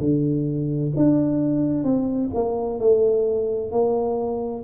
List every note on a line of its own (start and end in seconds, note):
0.00 0.92 D3
0.97 1.84 D4
1.84 2.30 C4
2.35 2.79 A#3
2.79 3.72 A3
3.72 4.64 A#3